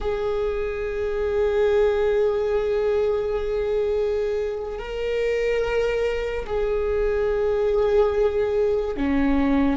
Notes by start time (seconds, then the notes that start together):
0.00 G#4
4.78 A#4
6.46 G#4
8.96 C#4